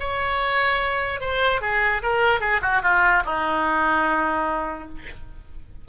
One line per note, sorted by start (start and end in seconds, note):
0.00 1.21 C#5
1.21 1.62 C5
1.62 2.02 G#4
2.03 2.41 A#4
2.41 2.61 G#4
2.62 2.83 F#4
2.83 3.24 F4
3.26 4.89 D#4